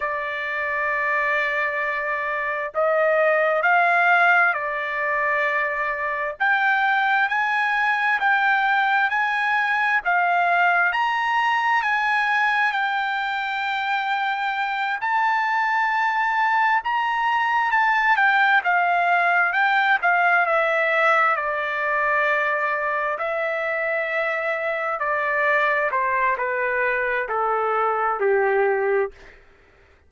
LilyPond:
\new Staff \with { instrumentName = "trumpet" } { \time 4/4 \tempo 4 = 66 d''2. dis''4 | f''4 d''2 g''4 | gis''4 g''4 gis''4 f''4 | ais''4 gis''4 g''2~ |
g''8 a''2 ais''4 a''8 | g''8 f''4 g''8 f''8 e''4 d''8~ | d''4. e''2 d''8~ | d''8 c''8 b'4 a'4 g'4 | }